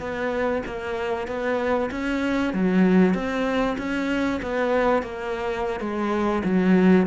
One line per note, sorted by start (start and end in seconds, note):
0.00 0.62 B3
0.66 1.28 A#3
1.28 1.90 B3
1.91 2.54 C#4
2.54 3.15 F#3
3.15 3.77 C4
3.78 4.41 C#4
4.43 5.03 B3
5.03 5.81 A#3
5.81 6.43 G#3
6.45 7.07 F#3